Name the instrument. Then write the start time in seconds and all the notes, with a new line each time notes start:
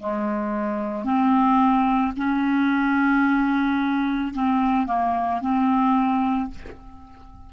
clarinet
0.00 G#3
1.05 C4
2.17 C#4
4.34 C4
4.87 A#3
5.41 C4